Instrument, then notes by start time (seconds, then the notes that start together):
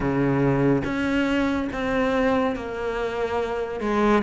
cello
0.00 C#3
0.84 C#4
1.72 C4
2.55 A#3
3.80 G#3